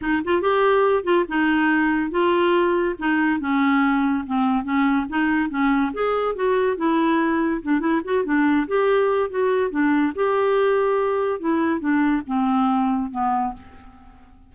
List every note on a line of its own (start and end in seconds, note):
0.01 0.22 D#4
0.24 0.41 F4
0.41 1.03 G4
1.03 1.24 F4
1.28 2.10 D#4
2.10 2.95 F4
2.98 3.40 D#4
3.40 4.24 C#4
4.26 4.63 C4
4.63 5.06 C#4
5.09 5.49 D#4
5.49 5.91 C#4
5.93 6.35 G#4
6.35 6.76 F#4
6.76 7.61 E4
7.62 7.80 D4
7.80 8.01 E4
8.04 8.24 F#4
8.24 8.66 D4
8.67 9.30 G4
9.30 9.70 F#4
9.70 10.12 D4
10.15 11.40 G4
11.40 11.79 E4
11.79 12.22 D4
12.26 13.11 C4
13.11 13.53 B3